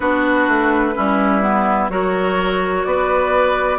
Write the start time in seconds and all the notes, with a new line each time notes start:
0.00 B3 D4 F#4 B4
0.48 A3
0.94 G3 C#4 E4
1.42 B3
1.89 F#3 F#4 A#4 C#5
2.84 B3 B4 D5